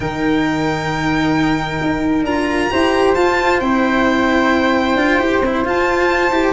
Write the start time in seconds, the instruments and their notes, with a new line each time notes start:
0.00 tuba D#3, cello D#4, flute A#4, violin G5
1.81 tuba D#4
2.22 tuba D4, cello F4, violin A#5
2.70 tuba E4, cello G4, flute C5
3.14 tuba F4, cello F4, violin A5
3.60 tuba C4, cello E4, violin G5
4.95 tuba D4, cello F4
5.17 tuba E4, cello G4
5.41 tuba C4, cello E4
5.64 tuba F4, cello F4, violin A5
6.30 tuba E4, cello G4